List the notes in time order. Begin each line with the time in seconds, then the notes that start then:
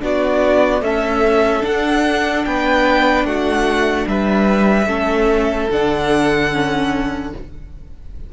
0.00 B3 D4 F#4 D5
0.81 A3 C#4 A4 E5
1.61 D4 F#5
2.46 B3 B4 G5
3.25 A3 F#4 F#5
4.08 G3 B4 E5
4.87 A3 C#4 A4
5.71 D3 D4 F#5
6.52 C#4